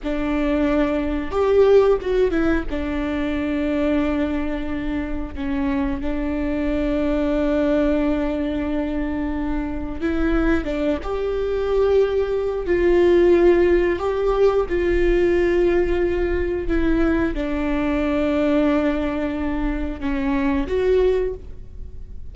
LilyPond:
\new Staff \with { instrumentName = "viola" } { \time 4/4 \tempo 4 = 90 d'2 g'4 fis'8 e'8 | d'1 | cis'4 d'2.~ | d'2. e'4 |
d'8 g'2~ g'8 f'4~ | f'4 g'4 f'2~ | f'4 e'4 d'2~ | d'2 cis'4 fis'4 | }